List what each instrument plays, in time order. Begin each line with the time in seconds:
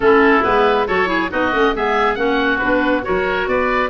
0.00 tuba A3, clarinet C#4, oboe E4 A4
0.42 tuba G#3, clarinet B3, oboe B4
0.87 tuba F#3, clarinet F#4, oboe A4 C#5
1.06 clarinet E4, oboe G#4
1.30 tuba B3, clarinet D#4, oboe F#4 D#5
1.52 tuba A3, clarinet C#4
1.74 tuba G#3, clarinet B3, oboe G#4 E5
2.15 tuba A#3, clarinet C#4, oboe F#4 F#5
2.58 tuba B3, clarinet D4, oboe B4
3.02 tuba F#3, clarinet F#4, oboe A#4 C#5
3.47 tuba B3, oboe B4 D5